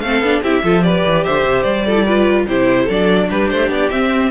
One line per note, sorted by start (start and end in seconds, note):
0.00 0.21 A3
0.00 0.24 C4
0.00 0.43 A4
0.00 0.41 F5
0.21 0.41 B3
0.21 0.44 D4
0.42 0.63 C4
0.42 0.64 E4
0.42 0.63 G4
0.42 0.84 E5
0.63 1.04 F3
0.63 0.82 F4
0.63 0.85 A4
0.82 1.84 G4
0.82 1.25 B4
0.82 1.24 D5
1.06 1.26 E3
1.24 1.44 D3
1.24 1.86 C5
1.24 1.63 E5
1.44 1.64 C3
1.63 2.47 G3
1.63 2.45 D5
1.86 1.96 F4
1.86 2.06 A4
1.96 2.06 E4
2.06 2.48 F4
2.06 2.47 B4
2.48 2.88 C3
2.48 2.89 E4
2.48 2.85 G4
2.48 2.89 C5
2.85 3.31 F#3
2.85 3.91 D4
2.85 3.25 A4
2.85 3.30 D5
3.30 3.51 G3
3.30 4.31 G4
3.30 3.50 B4
3.50 3.69 A3
3.50 3.70 C5
3.69 3.90 B3
3.69 3.91 D5
3.91 4.31 C4
3.91 4.31 E5